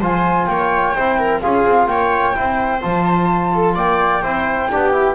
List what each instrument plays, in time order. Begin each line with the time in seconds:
0.00 double bass F3, trombone F4, viola C5, flute G#5
0.46 double bass A#3, viola C#5, flute G5
0.95 double bass C4, trombone E4, viola C5
1.19 viola A#4
1.41 double bass C#4, trombone F4, viola G#4, flute F5
1.66 double bass C4
1.86 double bass A#3, viola C#5, flute G5
2.35 double bass C4, trombone E4, viola C5
2.81 double bass F3, trombone F4, flute A5
3.54 viola A4
3.75 double bass A#3, viola D5, flute G5
4.23 double bass C4, trombone E4, viola C5
4.70 double bass B3, trombone D4, viola G4
4.92 trombone E4